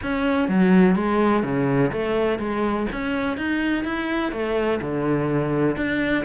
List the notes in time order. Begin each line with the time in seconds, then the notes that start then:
0.02 C#4
0.48 F#3
0.95 G#3
1.43 C#3
1.92 A3
2.38 G#3
2.91 C#4
3.37 D#4
3.84 E4
4.32 A3
4.81 D3
5.76 D4